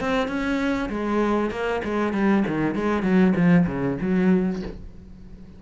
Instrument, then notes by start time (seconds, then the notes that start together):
cello
0.00 C4
0.28 C#4
0.90 G#3
1.51 A#3
1.84 G#3
2.13 G3
2.47 D#3
2.75 G#3
3.03 F#3
3.36 F3
3.67 C#3
4.01 F#3